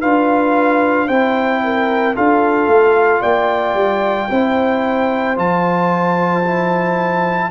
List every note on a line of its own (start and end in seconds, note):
0.00 1.08 D4
0.00 1.08 F4
0.00 1.06 B4
0.00 1.08 F5
1.06 2.16 C4
1.06 2.15 E4
1.06 1.60 C5
1.06 2.15 G5
1.64 2.15 A#4
2.15 2.67 D4
2.15 4.29 F4
2.15 3.21 A4
2.15 3.22 F5
2.67 3.21 A3
3.21 3.74 A#3
3.21 4.28 D5
3.21 5.36 G5
3.74 4.27 G3
4.29 5.37 C4
4.29 5.36 E4
4.29 7.50 C5
5.36 7.50 F3
5.36 6.43 F4
5.36 7.50 A5
6.44 7.50 E4